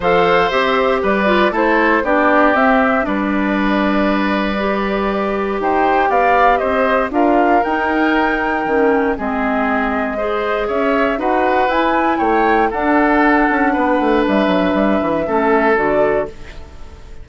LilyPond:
<<
  \new Staff \with { instrumentName = "flute" } { \time 4/4 \tempo 4 = 118 f''4 e''4 d''4 c''4 | d''4 e''4 d''2~ | d''2. g''4 | f''4 dis''4 f''4 g''4~ |
g''2 dis''2~ | dis''4 e''4 fis''4 gis''4 | g''4 fis''2. | e''2. d''4 | }
  \new Staff \with { instrumentName = "oboe" } { \time 4/4 c''2 b'4 a'4 | g'2 b'2~ | b'2. c''4 | d''4 c''4 ais'2~ |
ais'2 gis'2 | c''4 cis''4 b'2 | cis''4 a'2 b'4~ | b'2 a'2 | }
  \new Staff \with { instrumentName = "clarinet" } { \time 4/4 a'4 g'4. f'8 e'4 | d'4 c'4 d'2~ | d'4 g'2.~ | g'2 f'4 dis'4~ |
dis'4 cis'4 c'2 | gis'2 fis'4 e'4~ | e'4 d'2.~ | d'2 cis'4 fis'4 | }
  \new Staff \with { instrumentName = "bassoon" } { \time 4/4 f4 c'4 g4 a4 | b4 c'4 g2~ | g2. dis'4 | b4 c'4 d'4 dis'4~ |
dis'4 dis4 gis2~ | gis4 cis'4 dis'4 e'4 | a4 d'4. cis'8 b8 a8 | g8 fis8 g8 e8 a4 d4 | }
>>